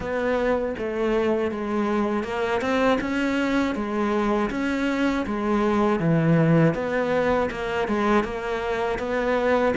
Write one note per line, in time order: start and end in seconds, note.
0.00 0.75 B3
0.77 1.51 A3
1.51 2.23 G#3
2.23 2.61 A#3
2.61 2.98 C4
3.00 3.75 C#4
3.75 4.50 G#3
4.50 5.25 C#4
5.26 5.99 G#3
5.99 6.74 E3
6.74 7.49 B3
7.50 7.88 A#3
7.88 8.24 G#3
8.24 8.99 A#3
8.99 9.74 B3